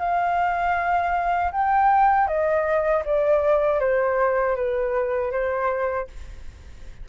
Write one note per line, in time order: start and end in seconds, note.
0.00 1.52 F5
1.53 2.28 G5
2.28 3.04 D#5
3.06 3.80 D5
3.80 4.56 C5
4.56 5.32 B4
5.32 6.08 C5